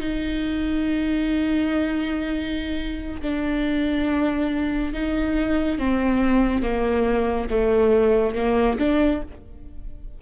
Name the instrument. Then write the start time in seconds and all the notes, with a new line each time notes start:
viola
0.00 D#4
3.22 D4
4.94 D#4
5.79 C4
6.63 A#3
7.50 A3
8.35 A#3
8.79 D4